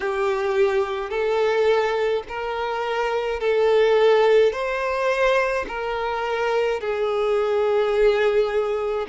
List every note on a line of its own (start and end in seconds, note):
0.00 1.10 G4
1.10 2.23 A4
2.28 3.40 A#4
3.40 4.52 A4
4.52 5.66 C5
5.68 6.80 A#4
6.80 9.06 G#4